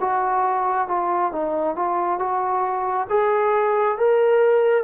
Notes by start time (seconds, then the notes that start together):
0.00 F#4
0.88 F4
1.32 D#4
1.76 F4
2.19 F#4
3.09 G#4
3.97 A#4